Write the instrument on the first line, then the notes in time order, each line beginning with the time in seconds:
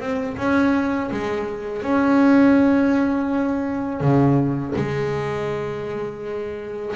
double bass
0.00 C4
0.37 C#4
1.11 G#3
1.82 C#4
4.00 C#3
4.76 G#3